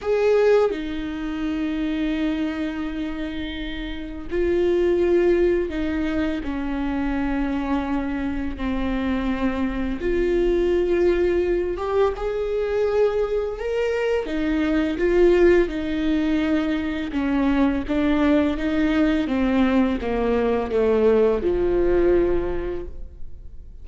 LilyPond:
\new Staff \with { instrumentName = "viola" } { \time 4/4 \tempo 4 = 84 gis'4 dis'2.~ | dis'2 f'2 | dis'4 cis'2. | c'2 f'2~ |
f'8 g'8 gis'2 ais'4 | dis'4 f'4 dis'2 | cis'4 d'4 dis'4 c'4 | ais4 a4 f2 | }